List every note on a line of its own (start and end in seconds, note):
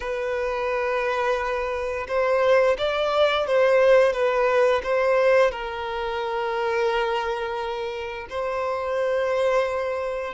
0.00 2.06 B4
2.08 2.76 C5
2.77 3.47 D5
3.47 4.12 C5
4.12 4.81 B4
4.83 5.51 C5
5.51 8.27 A#4
8.29 10.34 C5